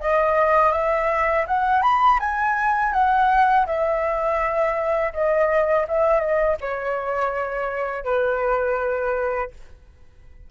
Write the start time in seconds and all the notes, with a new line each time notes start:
0.00 D#5
0.72 E5
1.47 F#5
1.82 B5
2.20 G#5
2.93 F#5
3.66 E5
5.13 D#5
5.88 E5
6.20 D#5
6.61 C#5
8.04 B4